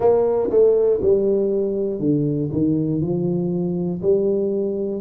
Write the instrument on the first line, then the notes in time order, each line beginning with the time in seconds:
tuba
0.00 A#3
0.50 A3
1.01 G3
1.99 D3
2.51 D#3
3.01 F3
4.01 G3